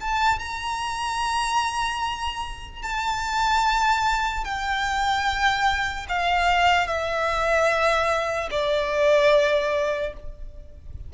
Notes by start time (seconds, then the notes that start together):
0.00 A5
0.39 A#5
2.82 A5
4.44 G5
6.08 F5
6.87 E5
8.51 D5